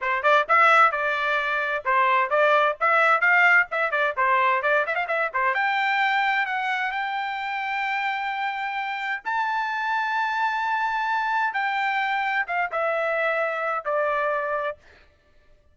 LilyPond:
\new Staff \with { instrumentName = "trumpet" } { \time 4/4 \tempo 4 = 130 c''8 d''8 e''4 d''2 | c''4 d''4 e''4 f''4 | e''8 d''8 c''4 d''8 e''16 f''16 e''8 c''8 | g''2 fis''4 g''4~ |
g''1 | a''1~ | a''4 g''2 f''8 e''8~ | e''2 d''2 | }